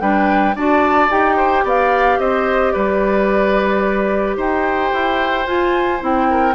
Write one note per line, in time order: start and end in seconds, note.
0.00 0.55 G3
0.00 0.55 D4
0.00 0.55 B4
0.00 0.55 G5
0.55 1.10 D4
0.55 1.09 F#4
0.55 1.36 D5
0.55 1.11 A5
1.09 1.64 D#4
1.09 5.46 G4
1.09 1.65 G5
1.36 1.64 C5
1.64 2.18 B3
1.64 2.19 D5
1.64 2.19 F5
2.19 2.73 C4
2.19 2.73 C5
2.19 2.72 D#5
2.72 4.36 G3
2.72 4.36 B4
2.72 4.35 D5
4.36 4.91 D#4
4.36 6.27 C5
4.36 5.47 G5
4.93 5.46 E4
5.46 6.01 F4
5.46 5.99 F4
5.46 6.01 G#5
5.99 6.55 C4
5.99 6.54 E4
5.99 6.55 G5
6.30 6.55 A#4